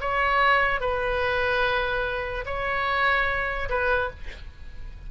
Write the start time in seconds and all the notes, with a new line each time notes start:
0.00 C#5
0.80 B4
2.45 C#5
3.69 B4